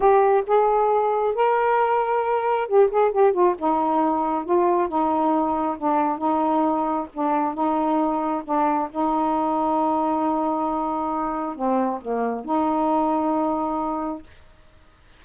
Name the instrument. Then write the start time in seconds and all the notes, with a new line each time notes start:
saxophone
0.00 G4
0.46 G#4
1.34 A#4
2.67 G4
2.91 G#4
3.11 G4
3.32 F4
3.58 D#4
4.44 F4
4.88 D#4
5.77 D4
6.18 D#4
7.13 D4
7.54 D#4
8.44 D4
8.91 D#4
11.55 C4
12.01 A#3
12.44 D#4